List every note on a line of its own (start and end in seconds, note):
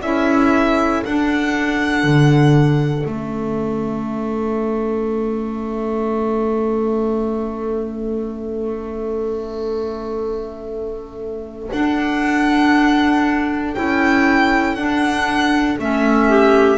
0.00 1.03 C#4
0.00 1.04 E4
0.00 16.27 A4
0.00 1.03 E5
1.04 2.03 D4
1.04 3.09 D4
1.04 3.06 F#5
2.03 3.05 D3
3.05 11.69 A3
3.05 11.73 C#4
3.05 11.71 E5
11.72 13.75 D4
11.72 13.74 F#5
13.74 14.76 C#4
13.74 14.76 E4
13.74 14.75 G5
14.75 15.78 D4
14.75 15.76 F#5
15.78 16.78 A3
15.78 16.78 C#4
15.78 16.78 E5
16.28 16.78 G4